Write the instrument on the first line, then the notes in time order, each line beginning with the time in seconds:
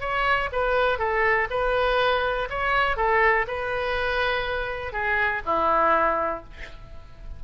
oboe
0.00 C#5
0.52 B4
0.98 A4
1.50 B4
2.50 C#5
2.96 A4
3.47 B4
4.92 G#4
5.45 E4